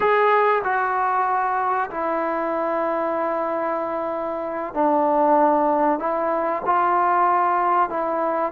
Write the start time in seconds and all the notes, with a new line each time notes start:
0.00 G#4
0.63 F#4
1.90 E4
4.73 D4
5.99 E4
6.65 F4
7.89 E4